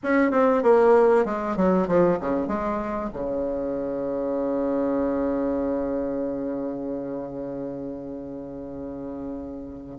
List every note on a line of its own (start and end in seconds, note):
0.03 0.31 C#4
0.31 0.62 C4
0.62 1.25 A#3
1.25 1.56 G#3
1.56 1.87 F#3
1.87 2.18 F3
2.20 2.47 C#3
2.47 3.10 G#3
3.12 9.98 C#3